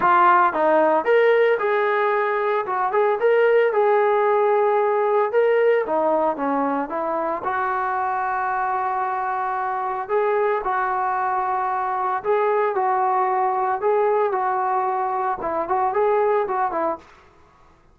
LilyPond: \new Staff \with { instrumentName = "trombone" } { \time 4/4 \tempo 4 = 113 f'4 dis'4 ais'4 gis'4~ | gis'4 fis'8 gis'8 ais'4 gis'4~ | gis'2 ais'4 dis'4 | cis'4 e'4 fis'2~ |
fis'2. gis'4 | fis'2. gis'4 | fis'2 gis'4 fis'4~ | fis'4 e'8 fis'8 gis'4 fis'8 e'8 | }